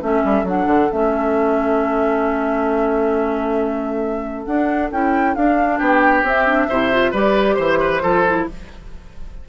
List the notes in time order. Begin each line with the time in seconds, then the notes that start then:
0.00 A3 C#4 A4 E5
0.24 G3
0.43 F#3 D4 F#5
0.66 D3
0.91 A3 C#4 E5
4.45 D4 F#5
4.91 C#4 E4 G5
5.34 D4 F5
5.78 B3 G4 G5
6.22 C4 E5
6.46 D4
6.69 C3 E4 C5
6.91 F4
7.11 G3 G4 B4 D5
7.53 E3 C5
7.79 B4
8.02 F3 F4 A4
8.26 E4